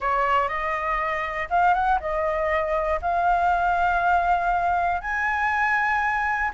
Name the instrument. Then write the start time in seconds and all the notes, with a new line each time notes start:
flute
0.00 C#5
0.48 D#5
1.50 F5
1.73 F#5
2.00 D#5
3.01 F5
5.01 G#5